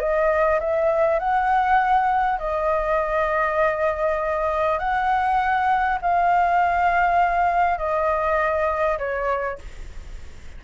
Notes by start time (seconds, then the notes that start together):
0.00 D#5
0.61 E5
1.19 F#5
2.39 D#5
4.79 F#5
6.02 F5
7.78 D#5
8.99 C#5